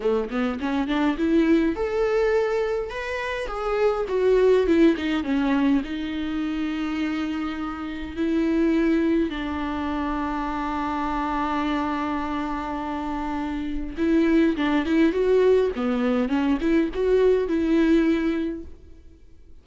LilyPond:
\new Staff \with { instrumentName = "viola" } { \time 4/4 \tempo 4 = 103 a8 b8 cis'8 d'8 e'4 a'4~ | a'4 b'4 gis'4 fis'4 | e'8 dis'8 cis'4 dis'2~ | dis'2 e'2 |
d'1~ | d'1 | e'4 d'8 e'8 fis'4 b4 | cis'8 e'8 fis'4 e'2 | }